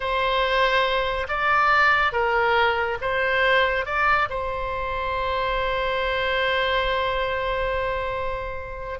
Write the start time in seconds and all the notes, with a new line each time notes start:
0.00 C5
1.28 D5
2.12 A#4
3.01 C5
3.85 D5
4.29 C5